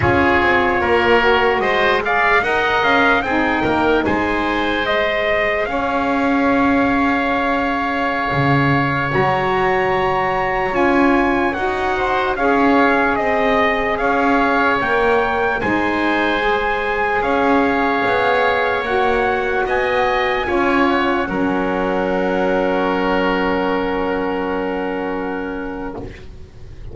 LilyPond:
<<
  \new Staff \with { instrumentName = "trumpet" } { \time 4/4 \tempo 4 = 74 cis''2 dis''8 f''8 fis''8 f''8 | g''4 gis''4 dis''4 f''4~ | f''2.~ f''16 ais''8.~ | ais''4~ ais''16 gis''4 fis''4 f''8.~ |
f''16 dis''4 f''4 g''4 gis''8.~ | gis''4~ gis''16 f''2 fis''8.~ | fis''16 gis''4. fis''2~ fis''16~ | fis''1 | }
  \new Staff \with { instrumentName = "oboe" } { \time 4/4 gis'4 ais'4 c''8 d''8 dis''4 | gis'8 ais'8 c''2 cis''4~ | cis''1~ | cis''2~ cis''8. c''8 cis''8.~ |
cis''16 dis''4 cis''2 c''8.~ | c''4~ c''16 cis''2~ cis''8.~ | cis''16 dis''4 cis''4 ais'4.~ ais'16~ | ais'1 | }
  \new Staff \with { instrumentName = "saxophone" } { \time 4/4 f'4. fis'4 gis'8 ais'4 | dis'2 gis'2~ | gis'2.~ gis'16 fis'8.~ | fis'4~ fis'16 f'4 fis'4 gis'8.~ |
gis'2~ gis'16 ais'4 dis'8.~ | dis'16 gis'2. fis'8.~ | fis'4~ fis'16 f'4 cis'4.~ cis'16~ | cis'1 | }
  \new Staff \with { instrumentName = "double bass" } { \time 4/4 cis'8 c'8 ais4 gis4 dis'8 cis'8 | c'8 ais8 gis2 cis'4~ | cis'2~ cis'16 cis4 fis8.~ | fis4~ fis16 cis'4 dis'4 cis'8.~ |
cis'16 c'4 cis'4 ais4 gis8.~ | gis4~ gis16 cis'4 b4 ais8.~ | ais16 b4 cis'4 fis4.~ fis16~ | fis1 | }
>>